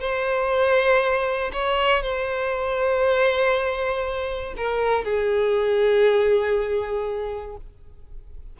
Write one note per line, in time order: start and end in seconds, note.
0.00 1.51 C5
1.53 2.02 C#5
2.02 4.54 C5
4.57 5.04 A#4
5.04 7.56 G#4